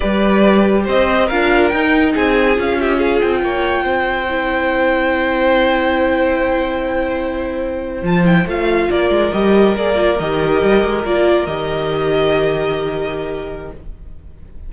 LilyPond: <<
  \new Staff \with { instrumentName = "violin" } { \time 4/4 \tempo 4 = 140 d''2 dis''4 f''4 | g''4 gis''4 f''8 e''8 f''8 g''8~ | g''1~ | g''1~ |
g''2~ g''8. a''8 g''8 f''16~ | f''8. d''4 dis''4 d''4 dis''16~ | dis''4.~ dis''16 d''4 dis''4~ dis''16~ | dis''1 | }
  \new Staff \with { instrumentName = "violin" } { \time 4/4 b'2 c''4 ais'4~ | ais'4 gis'4. g'8 gis'4 | cis''4 c''2.~ | c''1~ |
c''1~ | c''8. ais'2.~ ais'16~ | ais'1~ | ais'1 | }
  \new Staff \with { instrumentName = "viola" } { \time 4/4 g'2. f'4 | dis'2 f'2~ | f'2 e'2~ | e'1~ |
e'2~ e'8. f'8 e'8 f'16~ | f'4.~ f'16 g'4 gis'8 f'8 g'16~ | g'4.~ g'16 f'4 g'4~ g'16~ | g'1 | }
  \new Staff \with { instrumentName = "cello" } { \time 4/4 g2 c'4 d'4 | dis'4 c'4 cis'4. c'8 | ais4 c'2.~ | c'1~ |
c'2~ c'8. f4 a16~ | a8. ais8 gis8 g4 ais4 dis16~ | dis8. g8 gis8 ais4 dis4~ dis16~ | dis1 | }
>>